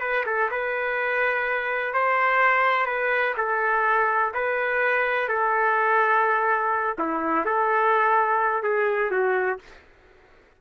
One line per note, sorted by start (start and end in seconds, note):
0.00 0.24 B4
0.26 0.50 A4
0.50 1.93 B4
1.93 2.86 C5
2.86 3.34 B4
3.37 4.33 A4
4.34 5.28 B4
5.28 6.96 A4
6.98 7.45 E4
7.45 8.62 A4
8.62 9.10 G#4
9.10 9.58 F#4